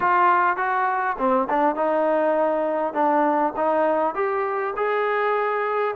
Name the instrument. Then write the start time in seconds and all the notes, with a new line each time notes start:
trombone
0.00 F4
0.56 F#4
1.18 C4
1.49 D4
1.75 D#4
2.93 D4
3.56 D#4
4.14 G4
4.76 G#4